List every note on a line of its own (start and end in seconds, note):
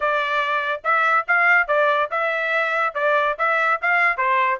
0.00 0.81 D5
0.84 1.26 E5
1.27 1.67 F5
1.67 2.09 D5
2.10 2.94 E5
2.94 3.36 D5
3.38 3.80 E5
3.81 4.17 F5
4.17 4.59 C5